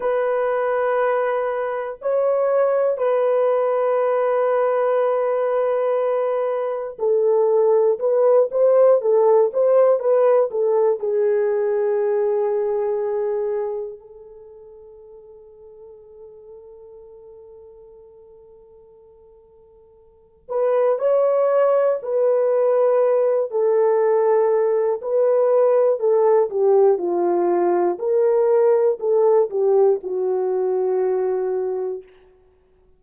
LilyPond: \new Staff \with { instrumentName = "horn" } { \time 4/4 \tempo 4 = 60 b'2 cis''4 b'4~ | b'2. a'4 | b'8 c''8 a'8 c''8 b'8 a'8 gis'4~ | gis'2 a'2~ |
a'1~ | a'8 b'8 cis''4 b'4. a'8~ | a'4 b'4 a'8 g'8 f'4 | ais'4 a'8 g'8 fis'2 | }